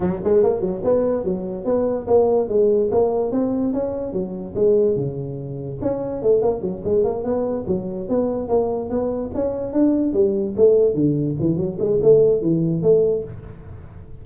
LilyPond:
\new Staff \with { instrumentName = "tuba" } { \time 4/4 \tempo 4 = 145 fis8 gis8 ais8 fis8 b4 fis4 | b4 ais4 gis4 ais4 | c'4 cis'4 fis4 gis4 | cis2 cis'4 a8 ais8 |
fis8 gis8 ais8 b4 fis4 b8~ | b8 ais4 b4 cis'4 d'8~ | d'8 g4 a4 d4 e8 | fis8 gis8 a4 e4 a4 | }